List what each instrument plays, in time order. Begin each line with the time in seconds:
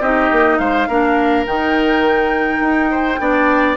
0.00 bassoon C4, clarinet D#4, oboe G4, flute D#5
0.31 bassoon A#3
0.58 bassoon G#3, oboe C5, flute F5
0.88 bassoon A#3, clarinet D4, oboe A#4
1.46 bassoon D#3, clarinet D#4, flute G5
2.60 bassoon D#4
2.91 oboe C5
3.19 bassoon B3, clarinet D4, oboe D5